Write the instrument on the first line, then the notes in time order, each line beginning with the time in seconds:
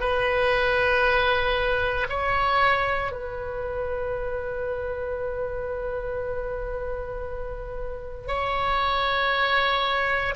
oboe
0.00 B4
2.09 C#5
3.11 B4
8.28 C#5